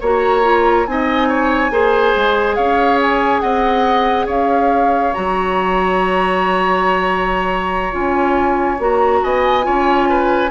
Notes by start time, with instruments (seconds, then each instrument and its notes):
0.00 bassoon A#3, clarinet F#4, oboe C#5, flute A#5
0.42 clarinet F4
0.86 bassoon C4, clarinet D#4, oboe D#5, flute G#5
1.28 oboe C#5
1.70 bassoon A#3, clarinet G#4, oboe C5
2.16 bassoon G#3
2.55 bassoon C#4, oboe C#5, flute F5
3.02 flute G#5
3.40 bassoon C4, oboe D#5, flute F#5
4.26 bassoon C#4, oboe C#5, flute F5
5.14 bassoon F#3, clarinet F#4, flute A#5
7.91 bassoon C#4, clarinet F4, flute G#5
8.79 bassoon A#3, clarinet F#4, flute A#5
9.23 bassoon B3, oboe D#5, flute G#5
9.62 bassoon C#4, clarinet F4, oboe C#5
10.09 oboe B4